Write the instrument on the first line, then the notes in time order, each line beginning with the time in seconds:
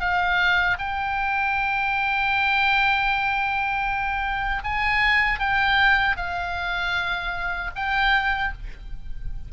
oboe
0.00 F5
0.78 G5
4.63 G#5
5.39 G5
6.16 F5
7.75 G5